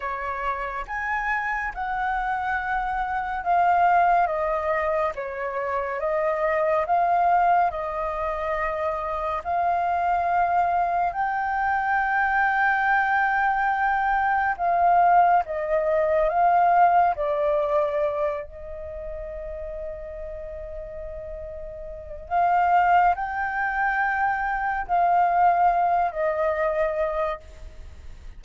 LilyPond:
\new Staff \with { instrumentName = "flute" } { \time 4/4 \tempo 4 = 70 cis''4 gis''4 fis''2 | f''4 dis''4 cis''4 dis''4 | f''4 dis''2 f''4~ | f''4 g''2.~ |
g''4 f''4 dis''4 f''4 | d''4. dis''2~ dis''8~ | dis''2 f''4 g''4~ | g''4 f''4. dis''4. | }